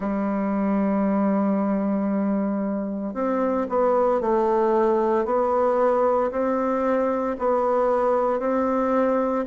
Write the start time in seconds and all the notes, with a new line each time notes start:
0.00 G3
3.13 C4
3.69 B3
4.21 A3
5.25 B3
6.31 C4
7.39 B3
8.39 C4